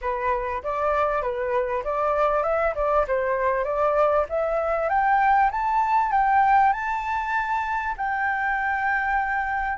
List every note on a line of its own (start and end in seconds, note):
0.01 0.62 B4
0.63 1.22 D5
1.22 1.83 B4
1.83 2.43 D5
2.43 2.74 E5
2.75 3.06 D5
3.07 3.64 C5
3.64 4.25 D5
4.29 4.89 E5
4.89 5.50 G5
5.51 6.11 A5
6.11 6.72 G5
6.72 7.95 A5
7.97 9.77 G5